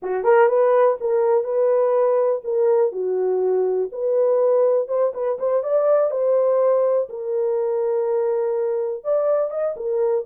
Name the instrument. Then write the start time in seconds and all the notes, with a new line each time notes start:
horn
0.02 F#4
0.24 A#4
0.48 B4
1.00 A#4
1.44 B4
2.44 A#4
2.91 F#4
3.92 B4
4.88 C5
5.14 B4
5.38 C5
5.63 D5
6.10 C5
7.09 A#4
9.04 D5
9.50 D#5
9.76 A#4